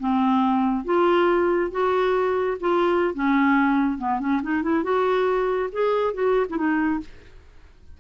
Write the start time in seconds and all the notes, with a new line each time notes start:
0.00 C4
0.85 F4
1.71 F#4
2.60 F4
3.14 C#4
3.98 B3
4.20 C#4
4.43 D#4
4.63 E4
4.84 F#4
5.72 G#4
6.14 F#4
6.50 E4
6.57 D#4